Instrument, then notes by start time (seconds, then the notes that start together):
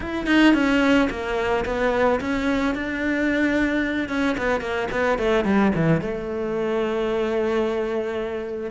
cello
0.00 E4
0.26 D#4
0.54 C#4
1.10 A#3
1.65 B3
2.20 C#4
2.74 D4
4.08 C#4
4.37 B3
4.60 A#3
4.91 B3
5.18 A3
5.44 G3
5.75 E3
6.01 A3